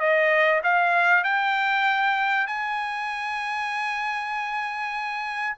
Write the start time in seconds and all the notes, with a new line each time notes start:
0.00 D#5
0.64 F5
1.24 G5
2.47 G#5